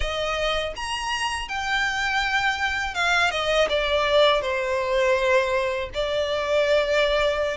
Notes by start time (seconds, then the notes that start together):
0.00 D#5
0.76 A#5
1.48 G5
2.94 F5
3.30 D#5
3.69 D5
4.41 C5
5.94 D5